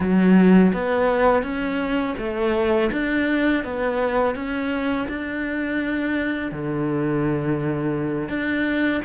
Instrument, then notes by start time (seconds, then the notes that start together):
cello
0.00 F#3
0.73 B3
1.43 C#4
2.18 A3
2.92 D4
3.64 B3
4.35 C#4
5.08 D4
6.51 D3
8.28 D4